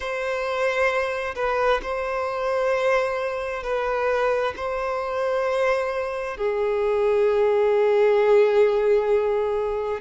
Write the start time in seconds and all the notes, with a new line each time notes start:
0.00 C5
1.35 B4
1.82 C5
3.63 B4
4.56 C5
6.37 G#4